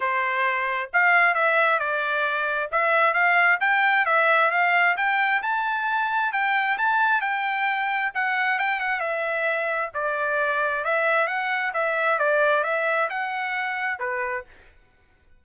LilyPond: \new Staff \with { instrumentName = "trumpet" } { \time 4/4 \tempo 4 = 133 c''2 f''4 e''4 | d''2 e''4 f''4 | g''4 e''4 f''4 g''4 | a''2 g''4 a''4 |
g''2 fis''4 g''8 fis''8 | e''2 d''2 | e''4 fis''4 e''4 d''4 | e''4 fis''2 b'4 | }